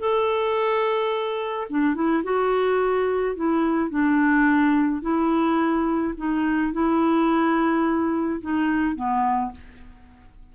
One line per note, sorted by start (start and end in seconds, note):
0.00 1.68 A4
1.70 1.95 D4
1.95 2.24 E4
2.24 3.36 F#4
3.36 3.90 E4
3.90 5.02 D4
5.02 6.14 E4
6.18 6.73 D#4
6.73 8.41 E4
8.42 8.96 D#4
8.96 9.52 B3